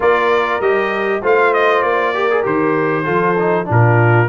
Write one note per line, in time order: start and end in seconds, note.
0.00 0.59 A#3
0.00 0.61 F4
0.00 1.21 A#4
0.00 0.61 D5
0.59 1.21 G3
0.59 1.22 G4
0.59 1.22 D#5
1.21 1.83 A3
1.21 2.14 F4
1.21 2.13 C5
1.21 1.53 F5
1.53 1.82 D#5
1.82 2.44 A#3
1.82 2.43 D5
2.14 2.29 G4
2.14 3.04 A#4
2.30 2.42 G#4
2.42 3.07 D#3
2.42 3.03 G4
2.42 3.68 C5
3.04 3.68 F3
3.04 3.35 F4
3.04 3.65 A4
3.38 3.65 D#4
3.65 4.28 A#2
3.65 4.26 D4
3.65 4.28 F4
3.71 4.28 A#4